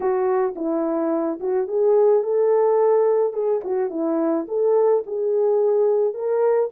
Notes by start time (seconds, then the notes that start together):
0.00 F#4
0.55 E4
1.40 F#4
1.67 G#4
2.23 A4
3.33 G#4
3.64 F#4
3.90 E4
4.47 A4
5.06 G#4
6.14 A#4